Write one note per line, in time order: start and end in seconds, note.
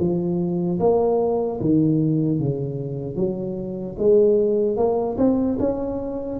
0.00 0.80 F3
0.80 1.60 A#3
1.61 2.40 D#3
2.40 3.16 C#3
3.16 3.96 F#3
3.99 4.77 G#3
4.77 5.17 A#3
5.18 5.58 C4
5.60 6.40 C#4